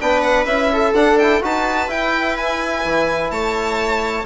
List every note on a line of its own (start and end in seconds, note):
0.00 0.45 B3
0.00 0.46 D4
0.00 0.71 B4
0.00 0.21 G5
0.21 0.44 F#5
0.45 0.93 C#4
0.45 0.94 E4
0.45 0.93 E5
0.72 1.43 A4
0.93 1.40 D4
0.93 1.20 D4
0.93 1.18 F#5
1.18 1.41 E4
1.18 1.42 G5
1.41 1.88 D#4
1.41 1.88 F#4
1.41 3.32 B4
1.41 1.90 A5
1.88 4.24 E4
1.88 2.82 E4
1.88 2.37 G5
2.37 3.31 G#5
2.84 3.31 E3
3.31 4.25 A3
3.31 4.25 C#5
3.31 4.25 A5